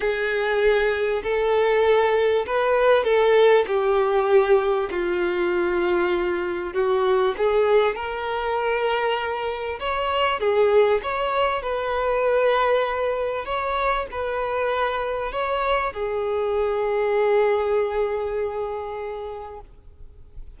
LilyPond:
\new Staff \with { instrumentName = "violin" } { \time 4/4 \tempo 4 = 98 gis'2 a'2 | b'4 a'4 g'2 | f'2. fis'4 | gis'4 ais'2. |
cis''4 gis'4 cis''4 b'4~ | b'2 cis''4 b'4~ | b'4 cis''4 gis'2~ | gis'1 | }